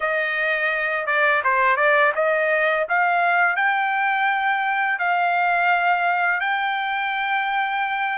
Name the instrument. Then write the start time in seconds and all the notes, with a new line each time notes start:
trumpet
0.00 D#5
1.06 D5
1.44 C5
1.76 D5
2.15 D#5
2.88 F5
3.56 G5
4.98 F5
6.40 G5